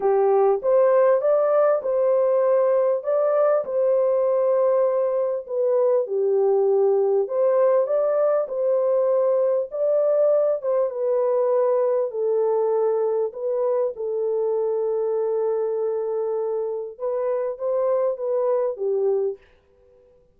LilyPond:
\new Staff \with { instrumentName = "horn" } { \time 4/4 \tempo 4 = 99 g'4 c''4 d''4 c''4~ | c''4 d''4 c''2~ | c''4 b'4 g'2 | c''4 d''4 c''2 |
d''4. c''8 b'2 | a'2 b'4 a'4~ | a'1 | b'4 c''4 b'4 g'4 | }